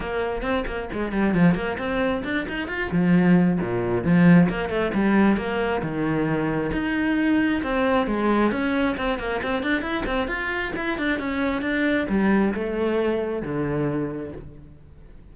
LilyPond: \new Staff \with { instrumentName = "cello" } { \time 4/4 \tempo 4 = 134 ais4 c'8 ais8 gis8 g8 f8 ais8 | c'4 d'8 dis'8 f'8 f4. | ais,4 f4 ais8 a8 g4 | ais4 dis2 dis'4~ |
dis'4 c'4 gis4 cis'4 | c'8 ais8 c'8 d'8 e'8 c'8 f'4 | e'8 d'8 cis'4 d'4 g4 | a2 d2 | }